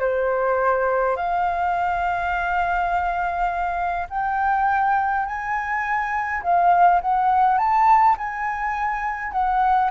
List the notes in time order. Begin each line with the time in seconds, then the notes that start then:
0.00 C5
1.17 F5
4.10 G5
5.26 G#5
6.43 F5
7.01 F#5
7.58 A5
8.18 G#5
9.32 F#5